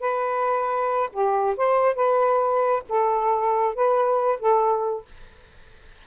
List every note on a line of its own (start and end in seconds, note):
0.00 1.09 B4
1.12 1.56 G4
1.56 1.95 C5
1.95 2.83 B4
2.88 3.75 A4
3.75 4.39 B4
4.39 5.05 A4